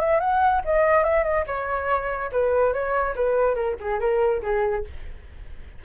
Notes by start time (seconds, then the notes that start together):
0.00 E5
0.20 F#5
0.65 D#5
1.04 E5
1.24 D#5
1.47 C#5
2.32 B4
2.73 C#5
3.16 B4
3.55 A#4
3.80 G#4
4.00 A#4
4.43 G#4